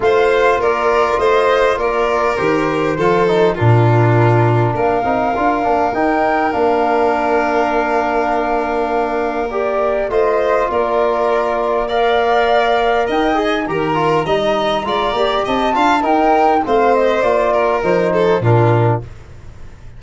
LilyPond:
<<
  \new Staff \with { instrumentName = "flute" } { \time 4/4 \tempo 4 = 101 f''4 d''4 dis''4 d''4 | c''2 ais'2 | f''2 g''4 f''4~ | f''1 |
d''4 dis''4 d''2 | f''2 g''8 gis''8 ais''4~ | ais''2 a''4 g''4 | f''8 dis''8 d''4 c''4 ais'4 | }
  \new Staff \with { instrumentName = "violin" } { \time 4/4 c''4 ais'4 c''4 ais'4~ | ais'4 a'4 f'2 | ais'1~ | ais'1~ |
ais'4 c''4 ais'2 | d''2 dis''4 ais'4 | dis''4 d''4 dis''8 f''8 ais'4 | c''4. ais'4 a'8 f'4 | }
  \new Staff \with { instrumentName = "trombone" } { \time 4/4 f'1 | g'4 f'8 dis'8 d'2~ | d'8 dis'8 f'8 d'8 dis'4 d'4~ | d'1 |
g'4 f'2. | ais'2~ ais'8 gis'8 g'8 f'8 | dis'4 f'8 g'4 f'8 dis'4 | c'4 f'4 dis'4 d'4 | }
  \new Staff \with { instrumentName = "tuba" } { \time 4/4 a4 ais4 a4 ais4 | dis4 f4 ais,2 | ais8 c'8 d'8 ais8 dis'4 ais4~ | ais1~ |
ais4 a4 ais2~ | ais2 dis'4 dis4 | g4 gis8 ais8 c'8 d'8 dis'4 | a4 ais4 f4 ais,4 | }
>>